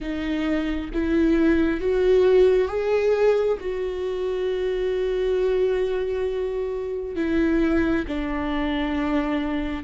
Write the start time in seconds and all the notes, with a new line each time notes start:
0.00 D#4
0.93 E4
1.80 F#4
2.68 G#4
3.60 F#4
7.15 E4
8.07 D4